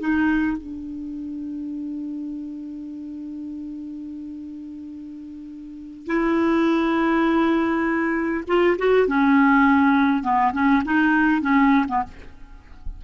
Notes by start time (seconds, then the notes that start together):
0.00 D#4
0.58 D4
6.07 E4
8.47 F4
8.78 F#4
9.07 C#4
10.23 B3
10.53 C#4
10.85 D#4
11.41 C#4
11.88 B3